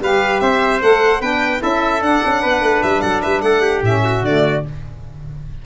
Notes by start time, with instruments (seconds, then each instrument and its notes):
0.00 tuba G3, saxophone G4, trumpet B4, violin F5
0.40 tuba C4, trumpet C5, violin E5
0.81 tuba A3, saxophone A4, violin F#5
1.21 tuba B3, saxophone D4, trumpet B4, violin G5
1.59 tuba C#4, saxophone E4, trumpet A4, violin E5
2.01 tuba D4, saxophone D4, violin F#5
2.25 tuba C#4
2.41 tuba B3, trumpet B4
2.61 tuba A3
2.83 tuba G3, violin E5
3.01 tuba F#3, trumpet A4, violin F#5
3.22 tuba G3, trumpet B4, violin E5
3.41 tuba A3, trumpet A4, violin F#5
3.61 trumpet G4
3.82 tuba A2, saxophone C#4, violin E5
4.04 trumpet F#4
4.22 tuba D3, saxophone A3, violin D5